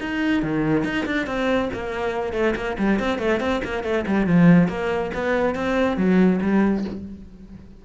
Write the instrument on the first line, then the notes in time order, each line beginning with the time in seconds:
cello
0.00 D#4
0.42 D#3
0.84 D#4
1.06 D4
1.26 C4
1.73 A#3
2.33 A3
2.56 A#3
2.78 G3
2.99 C4
3.19 A3
3.40 C4
3.64 A#3
3.83 A3
4.07 G3
4.26 F3
4.68 A#3
5.14 B3
5.55 C4
5.97 F#3
6.42 G3